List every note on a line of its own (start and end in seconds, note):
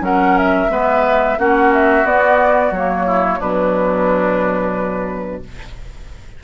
0.00 0.67 F#3
0.00 0.69 C#4
0.00 0.71 A#4
0.00 0.38 F#5
0.38 1.39 E5
0.69 1.37 G#3
0.69 1.37 B3
0.69 1.39 B4
1.38 2.04 A#3
1.38 2.04 C#4
1.38 3.06 F#4
1.38 1.73 F#5
1.73 2.06 E5
2.04 2.71 B3
2.04 2.72 B3
2.04 2.73 D5
2.71 3.38 F#3
2.71 3.41 A#3
2.71 3.41 C#5
3.06 3.39 E4
3.39 5.42 B2
3.39 5.43 F#3
3.39 5.41 D4
3.39 5.43 B4